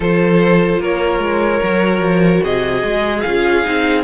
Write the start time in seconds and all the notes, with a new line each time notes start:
0.00 F3 F4 A4 C5
0.79 A#3 A#4 C#5
1.19 G#3
1.62 F#3 F#4
1.99 F3
2.43 C3 G#4 D#5
2.83 G#3
3.20 C#4 F4 F5
3.64 C4 D#4